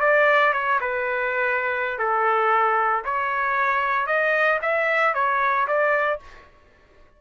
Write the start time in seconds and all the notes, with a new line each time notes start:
0.00 D5
0.53 C#5
0.81 B4
1.98 A4
3.05 C#5
4.06 D#5
4.61 E5
5.14 C#5
5.67 D5